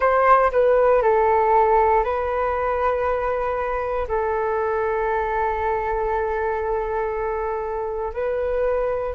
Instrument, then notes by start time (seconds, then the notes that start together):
flute
0.00 C5
0.51 B4
1.02 A4
2.03 B4
4.08 A4
8.13 B4